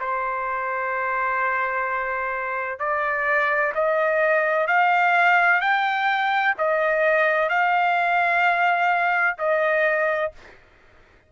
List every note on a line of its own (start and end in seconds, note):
0.00 2.79 C5
2.79 3.73 D5
3.75 4.67 D#5
4.67 5.61 F5
5.61 6.55 G5
6.58 7.49 D#5
7.49 9.37 F5
9.38 10.32 D#5